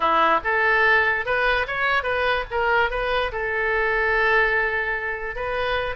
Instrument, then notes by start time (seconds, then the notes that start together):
oboe
0.00 E4
0.43 A4
1.25 B4
1.67 C#5
2.03 B4
2.50 A#4
2.90 B4
3.32 A4
5.35 B4